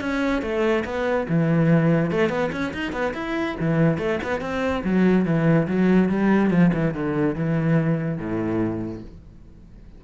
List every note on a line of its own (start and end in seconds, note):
0.00 0.42 C#4
0.42 0.84 A3
0.85 1.27 B3
1.29 2.11 E3
2.11 2.29 A3
2.29 2.50 B3
2.52 2.73 C#4
2.73 2.92 D#4
2.92 3.13 B3
3.14 3.56 E4
3.60 3.98 E3
3.98 4.19 A3
4.23 4.41 B3
4.41 4.83 C4
4.84 5.25 F#3
5.25 5.67 E3
5.68 6.09 F#3
6.09 6.50 G3
6.50 6.71 F3
6.74 6.94 E3
6.94 7.35 D3
7.35 8.18 E3
8.18 9.02 A2